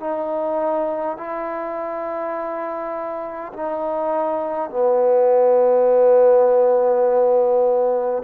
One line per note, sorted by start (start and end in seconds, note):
0.00 1.17 D#4
1.17 3.52 E4
3.53 4.70 D#4
4.70 8.22 B3